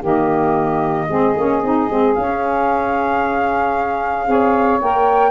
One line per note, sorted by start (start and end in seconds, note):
0.00 1.09 D#3
0.00 1.09 A#3
0.00 1.06 G4
0.00 2.15 D#5
1.09 1.35 G#3
1.09 1.37 C4
1.09 4.28 G#4
1.37 1.63 A#3
1.37 1.63 C#4
1.63 1.89 C4
1.63 1.90 D#4
1.90 2.17 G#3
1.90 2.17 C4
2.15 4.27 C#4
2.15 4.28 C#4
2.15 4.80 F5
4.27 4.81 C4
4.27 4.80 G#4
4.27 5.31 C#5
4.81 5.31 A#3
4.81 5.31 A#4
4.81 5.31 G5